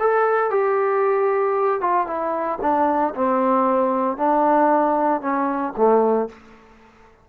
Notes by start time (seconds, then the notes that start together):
0.00 A4
0.51 G4
1.81 F4
2.07 E4
2.62 D4
3.15 C4
4.18 D4
5.22 C#4
5.77 A3